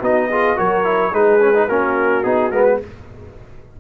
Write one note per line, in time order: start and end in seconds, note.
0.00 0.57 B3
0.00 0.31 D#4
0.00 0.28 F#4
0.00 0.59 D#5
0.31 0.57 F4
0.31 0.57 G#4
0.57 1.13 F#3
0.57 0.84 F#4
0.57 1.12 A#4
0.57 1.14 C#5
0.84 1.12 E4
1.12 1.69 G#3
1.12 1.40 D#4
1.12 1.68 G#4
1.12 1.69 B4
1.40 1.54 C#4
1.55 1.69 D#4
1.68 2.25 A#3
1.68 2.24 C#4
1.68 2.79 F#4
1.68 2.24 A#4
2.24 2.51 B3
2.24 2.52 D#4
2.24 2.51 G#4
2.51 2.79 G#3
2.51 2.81 B3
2.51 2.64 A#4
2.64 2.78 B4